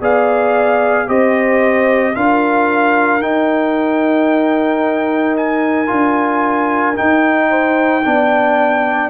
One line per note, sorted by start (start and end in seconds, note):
0.00 1.07 B3
0.00 1.06 G#4
0.00 1.07 D5
0.00 1.09 F5
1.06 2.15 C4
1.06 2.14 G4
1.06 2.15 C5
1.06 2.15 D#5
2.15 3.22 D4
2.15 3.21 F4
2.15 7.49 A#4
2.15 3.21 F5
3.21 5.87 D#4
3.21 5.90 D#4
3.21 5.35 G5
5.36 6.96 G#5
5.87 6.98 D4
5.87 6.94 F4
6.94 8.01 D#4
6.94 9.09 G5
7.00 8.05 D#4
7.49 8.02 C5
8.04 9.09 B3
8.04 9.09 D4
8.04 9.09 D5